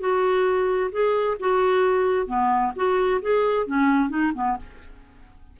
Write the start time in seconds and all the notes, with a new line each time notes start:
0.00 F#4
0.92 G#4
1.40 F#4
2.27 B3
2.76 F#4
3.22 G#4
3.67 C#4
4.10 D#4
4.34 B3